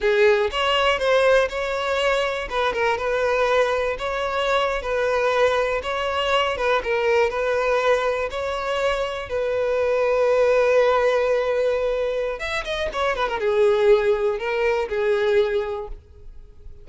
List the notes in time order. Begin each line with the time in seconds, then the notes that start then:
0.00 G#4
0.51 C#5
0.98 C5
1.49 C#5
2.49 B4
2.73 A#4
2.97 B4
3.98 C#5
4.81 B4
5.82 C#5
6.57 B4
6.83 A#4
7.30 B4
8.30 C#5
9.29 B4
12.39 E5
12.64 D#5
12.92 C#5
13.16 B4
13.28 A#4
13.39 G#4
14.38 A#4
14.88 G#4